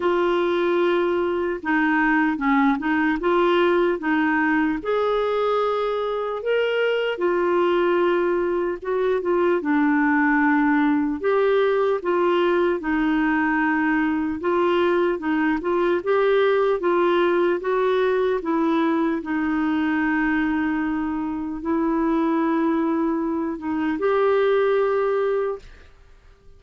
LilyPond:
\new Staff \with { instrumentName = "clarinet" } { \time 4/4 \tempo 4 = 75 f'2 dis'4 cis'8 dis'8 | f'4 dis'4 gis'2 | ais'4 f'2 fis'8 f'8 | d'2 g'4 f'4 |
dis'2 f'4 dis'8 f'8 | g'4 f'4 fis'4 e'4 | dis'2. e'4~ | e'4. dis'8 g'2 | }